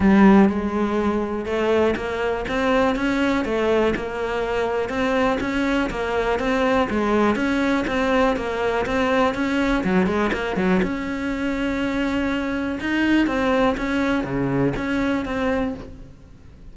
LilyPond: \new Staff \with { instrumentName = "cello" } { \time 4/4 \tempo 4 = 122 g4 gis2 a4 | ais4 c'4 cis'4 a4 | ais2 c'4 cis'4 | ais4 c'4 gis4 cis'4 |
c'4 ais4 c'4 cis'4 | fis8 gis8 ais8 fis8 cis'2~ | cis'2 dis'4 c'4 | cis'4 cis4 cis'4 c'4 | }